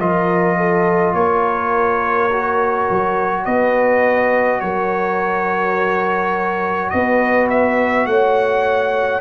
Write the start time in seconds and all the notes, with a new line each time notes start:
0.00 F3 F4 A#4 D#5
0.57 A4
1.14 A#3 A#4 C#5
2.33 F#4
2.91 F#3
3.46 B3 B4 D#5
4.61 F#3 A#4 C#5
6.90 B3 B4 D#5
7.50 E5
8.06 A3 C#5 F#5